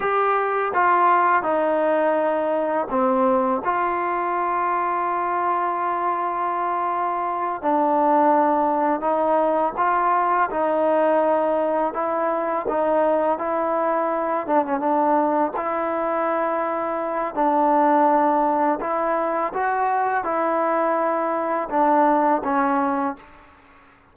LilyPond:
\new Staff \with { instrumentName = "trombone" } { \time 4/4 \tempo 4 = 83 g'4 f'4 dis'2 | c'4 f'2.~ | f'2~ f'8 d'4.~ | d'8 dis'4 f'4 dis'4.~ |
dis'8 e'4 dis'4 e'4. | d'16 cis'16 d'4 e'2~ e'8 | d'2 e'4 fis'4 | e'2 d'4 cis'4 | }